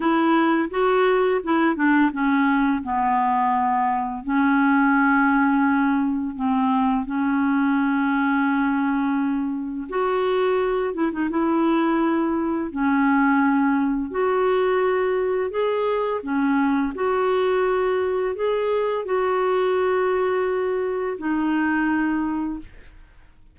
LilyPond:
\new Staff \with { instrumentName = "clarinet" } { \time 4/4 \tempo 4 = 85 e'4 fis'4 e'8 d'8 cis'4 | b2 cis'2~ | cis'4 c'4 cis'2~ | cis'2 fis'4. e'16 dis'16 |
e'2 cis'2 | fis'2 gis'4 cis'4 | fis'2 gis'4 fis'4~ | fis'2 dis'2 | }